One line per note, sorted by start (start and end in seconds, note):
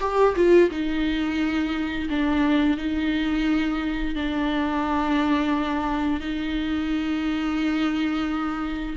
0.00 0.34 G4
0.35 0.70 F4
0.70 2.08 D#4
2.09 2.77 D4
2.77 4.15 D#4
4.15 6.20 D4
6.20 8.96 D#4